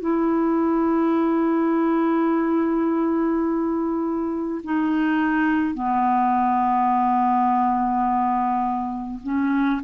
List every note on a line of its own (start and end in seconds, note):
0.00 4.62 E4
4.64 5.74 D#4
5.74 9.20 B3
9.23 9.81 C#4